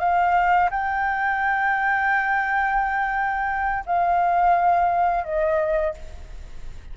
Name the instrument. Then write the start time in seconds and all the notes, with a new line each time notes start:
flute
0.00 F5
0.71 G5
3.86 F5
5.25 D#5